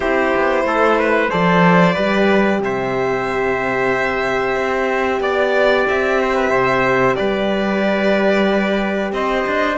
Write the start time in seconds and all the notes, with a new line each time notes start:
0.00 C4 E4 G4 C5
0.35 B3
0.63 A3 A4
0.99 B4
1.29 F3 A4 C5 D5
1.94 G3 G4 B4
2.59 C3 C5 E5
4.55 C4
5.19 B3 D5
5.88 C4 E5
6.20 C5
6.35 B4
6.49 C3 C5
7.15 G3 B4 D5
9.12 C4 C5 D#5
9.46 D4